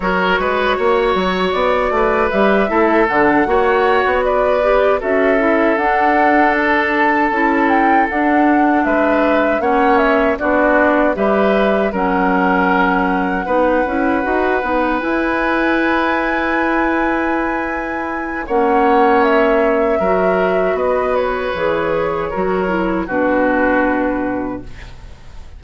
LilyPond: <<
  \new Staff \with { instrumentName = "flute" } { \time 4/4 \tempo 4 = 78 cis''2 d''4 e''4 | fis''4. d''4 e''4 fis''8~ | fis''8 a''4. g''8 fis''4 e''8~ | e''8 fis''8 e''8 d''4 e''4 fis''8~ |
fis''2.~ fis''8 gis''8~ | gis''1 | fis''4 e''2 dis''8 cis''8~ | cis''2 b'2 | }
  \new Staff \with { instrumentName = "oboe" } { \time 4/4 ais'8 b'8 cis''4. b'4 a'8~ | a'8 cis''4 b'4 a'4.~ | a'2.~ a'8 b'8~ | b'8 cis''4 fis'4 b'4 ais'8~ |
ais'4. b'2~ b'8~ | b'1 | cis''2 ais'4 b'4~ | b'4 ais'4 fis'2 | }
  \new Staff \with { instrumentName = "clarinet" } { \time 4/4 fis'2. g'8 e'8 | d'8 fis'4. g'8 fis'8 e'8 d'8~ | d'4. e'4 d'4.~ | d'8 cis'4 d'4 g'4 cis'8~ |
cis'4. dis'8 e'8 fis'8 dis'8 e'8~ | e'1 | cis'2 fis'2 | gis'4 fis'8 e'8 d'2 | }
  \new Staff \with { instrumentName = "bassoon" } { \time 4/4 fis8 gis8 ais8 fis8 b8 a8 g8 a8 | d8 ais8. b4~ b16 cis'4 d'8~ | d'4. cis'4 d'4 gis8~ | gis8 ais4 b4 g4 fis8~ |
fis4. b8 cis'8 dis'8 b8 e'8~ | e'1 | ais2 fis4 b4 | e4 fis4 b,2 | }
>>